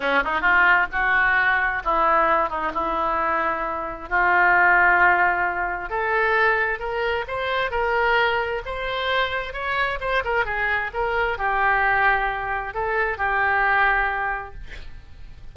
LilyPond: \new Staff \with { instrumentName = "oboe" } { \time 4/4 \tempo 4 = 132 cis'8 dis'8 f'4 fis'2 | e'4. dis'8 e'2~ | e'4 f'2.~ | f'4 a'2 ais'4 |
c''4 ais'2 c''4~ | c''4 cis''4 c''8 ais'8 gis'4 | ais'4 g'2. | a'4 g'2. | }